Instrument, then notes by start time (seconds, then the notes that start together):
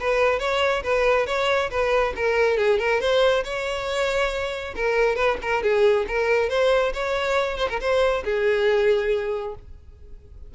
violin
0.00 B4
0.39 C#5
0.83 B4
1.26 C#5
1.70 B4
2.16 A#4
2.57 G#4
2.79 A#4
3.00 C5
3.44 C#5
4.75 A#4
5.15 B4
5.42 A#4
5.62 G#4
6.08 A#4
6.49 C5
6.93 C#5
7.58 C5
7.69 A#4
7.80 C5
8.24 G#4